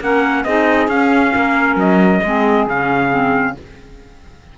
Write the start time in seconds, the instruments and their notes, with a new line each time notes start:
0.00 cello A#3, clarinet C#4, saxophone A#4, trumpet F#5
0.44 cello C4, clarinet D#4, saxophone G#4, trumpet D#5
0.87 cello C#4, clarinet C#4, trumpet F5
1.34 cello A#3, saxophone A#4
1.75 cello F#3, trumpet D#5
2.23 cello G#3, clarinet C4, saxophone G#4
2.67 cello C#3, clarinet C#4, trumpet F5
3.09 clarinet C4